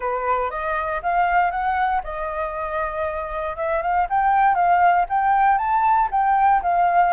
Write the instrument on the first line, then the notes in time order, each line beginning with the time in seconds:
flute
0.00 B4
0.50 D#5
1.02 F5
1.50 F#5
2.03 D#5
3.56 E5
3.82 F5
4.09 G5
4.54 F5
5.09 G5
5.57 A5
6.11 G5
6.62 F5